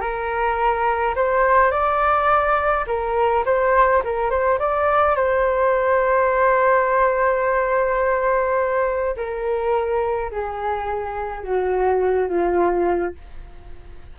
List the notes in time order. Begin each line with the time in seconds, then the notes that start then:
0.00 A#4
1.15 C5
1.70 D5
2.87 A#4
3.45 C5
4.04 A#4
4.30 C5
4.58 D5
5.15 C5
9.16 A#4
10.31 G#4
11.43 F#4
12.28 F4